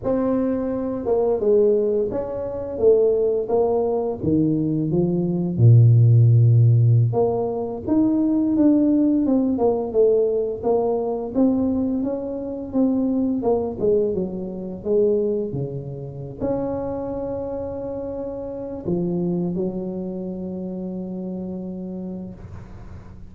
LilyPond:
\new Staff \with { instrumentName = "tuba" } { \time 4/4 \tempo 4 = 86 c'4. ais8 gis4 cis'4 | a4 ais4 dis4 f4 | ais,2~ ais,16 ais4 dis'8.~ | dis'16 d'4 c'8 ais8 a4 ais8.~ |
ais16 c'4 cis'4 c'4 ais8 gis16~ | gis16 fis4 gis4 cis4~ cis16 cis'8~ | cis'2. f4 | fis1 | }